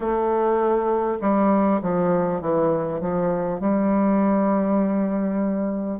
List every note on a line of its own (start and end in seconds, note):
0.00 1.18 A3
1.20 1.80 G3
1.82 2.41 F3
2.41 3.00 E3
3.00 3.60 F3
3.60 5.99 G3